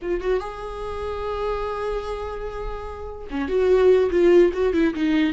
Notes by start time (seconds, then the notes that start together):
0.02 F4
0.21 F#4
0.40 G#4
3.30 C#4
3.48 F#4
4.11 F4
4.53 F#4
4.73 E4
4.94 D#4